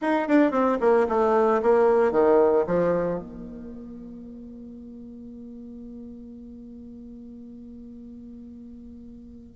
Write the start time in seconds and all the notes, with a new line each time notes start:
0.01 D#4
0.28 D4
0.51 C4
0.80 A#3
1.08 A3
1.62 A#3
2.11 D#3
2.66 F3
3.19 A#3